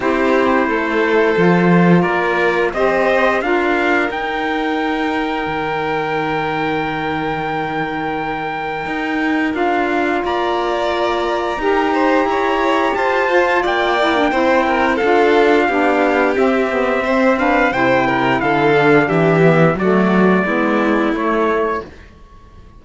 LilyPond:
<<
  \new Staff \with { instrumentName = "trumpet" } { \time 4/4 \tempo 4 = 88 c''2. d''4 | dis''4 f''4 g''2~ | g''1~ | g''2 f''4 ais''4~ |
ais''2. a''4 | g''2 f''2 | e''4. f''8 g''4 f''4 | e''4 d''2 cis''4 | }
  \new Staff \with { instrumentName = "violin" } { \time 4/4 g'4 a'2 ais'4 | c''4 ais'2.~ | ais'1~ | ais'2. d''4~ |
d''4 ais'8 c''8 cis''4 c''4 | d''4 c''8 ais'8 a'4 g'4~ | g'4 c''8 b'8 c''8 ais'8 a'4 | g'4 fis'4 e'2 | }
  \new Staff \with { instrumentName = "saxophone" } { \time 4/4 e'2 f'2 | g'4 f'4 dis'2~ | dis'1~ | dis'2 f'2~ |
f'4 g'2~ g'8 f'8~ | f'8 e'16 d'16 e'4 f'4 d'4 | c'8 b8 c'8 d'8 e'4. d'8~ | d'8 b8 a4 b4 a4 | }
  \new Staff \with { instrumentName = "cello" } { \time 4/4 c'4 a4 f4 ais4 | c'4 d'4 dis'2 | dis1~ | dis4 dis'4 d'4 ais4~ |
ais4 dis'4 e'4 f'4 | ais4 c'4 d'4 b4 | c'2 c4 d4 | e4 fis4 gis4 a4 | }
>>